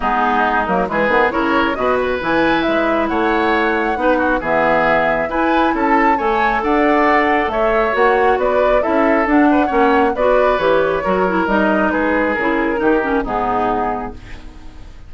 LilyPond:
<<
  \new Staff \with { instrumentName = "flute" } { \time 4/4 \tempo 4 = 136 gis'4. ais'8 b'4 cis''4 | dis''8 b'8 gis''4 e''4 fis''4~ | fis''2 e''2 | gis''4 a''4 gis''4 fis''4~ |
fis''4 e''4 fis''4 d''4 | e''4 fis''2 d''4 | cis''2 dis''4 b'4 | ais'2 gis'2 | }
  \new Staff \with { instrumentName = "oboe" } { \time 4/4 dis'2 gis'4 ais'4 | b'2. cis''4~ | cis''4 b'8 fis'8 gis'2 | b'4 a'4 cis''4 d''4~ |
d''4 cis''2 b'4 | a'4. b'8 cis''4 b'4~ | b'4 ais'2 gis'4~ | gis'4 g'4 dis'2 | }
  \new Staff \with { instrumentName = "clarinet" } { \time 4/4 b4. ais8 gis8 b8 e'4 | fis'4 e'2.~ | e'4 dis'4 b2 | e'2 a'2~ |
a'2 fis'2 | e'4 d'4 cis'4 fis'4 | g'4 fis'8 e'8 dis'2 | e'4 dis'8 cis'8 b2 | }
  \new Staff \with { instrumentName = "bassoon" } { \time 4/4 gis4. fis8 e8 dis8 cis4 | b,4 e4 gis4 a4~ | a4 b4 e2 | e'4 cis'4 a4 d'4~ |
d'4 a4 ais4 b4 | cis'4 d'4 ais4 b4 | e4 fis4 g4 gis4 | cis4 dis4 gis,2 | }
>>